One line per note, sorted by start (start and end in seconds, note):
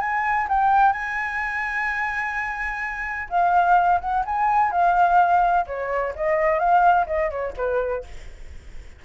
0.00 0.47 G#5
0.49 0.92 G5
0.92 3.29 G#5
3.29 4.00 F5
4.01 4.24 F#5
4.25 4.71 G#5
4.71 5.66 F5
5.66 6.14 C#5
6.15 6.59 D#5
6.59 7.06 F5
7.06 7.30 D#5
7.30 7.54 C#5
7.57 8.04 B4